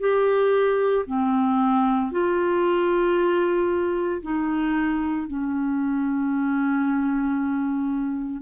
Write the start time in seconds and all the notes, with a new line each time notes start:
0.00 G4
1.06 C4
2.11 F4
4.22 D#4
5.27 C#4